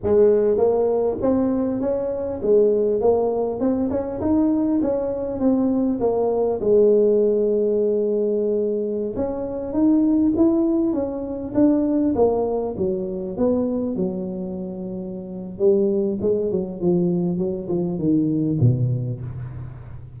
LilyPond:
\new Staff \with { instrumentName = "tuba" } { \time 4/4 \tempo 4 = 100 gis4 ais4 c'4 cis'4 | gis4 ais4 c'8 cis'8 dis'4 | cis'4 c'4 ais4 gis4~ | gis2.~ gis16 cis'8.~ |
cis'16 dis'4 e'4 cis'4 d'8.~ | d'16 ais4 fis4 b4 fis8.~ | fis2 g4 gis8 fis8 | f4 fis8 f8 dis4 b,4 | }